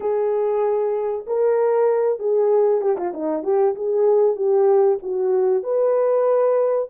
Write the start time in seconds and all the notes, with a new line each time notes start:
0.00 G#4
1.26 A#4
2.19 G#4
2.81 G4
2.97 F4
3.13 D#4
3.43 G4
3.75 G#4
4.36 G4
5.02 F#4
5.63 B4